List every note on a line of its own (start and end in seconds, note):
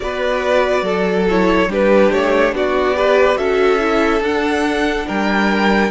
0.00 0.82 B3
0.00 1.26 F#4
0.00 0.84 B4
0.00 1.26 D5
0.82 1.66 F#3
0.82 1.68 A4
1.29 1.68 E4
1.29 1.71 C#5
1.68 2.10 G3
1.68 2.94 D4
1.68 2.54 G4
1.68 2.12 B4
2.11 2.51 A3
2.11 2.54 C#5
2.51 3.36 B3
2.51 2.96 F#4
2.51 3.37 D5
2.94 3.36 G4
2.94 3.37 B4
3.36 4.21 C#4
3.36 3.78 F#4
3.36 5.06 A4
3.36 4.21 E5
3.79 4.21 E4
4.21 5.05 D4
4.21 5.90 D4
4.21 5.08 F#5
5.07 5.90 G3
5.07 5.90 A#4
5.07 5.90 G5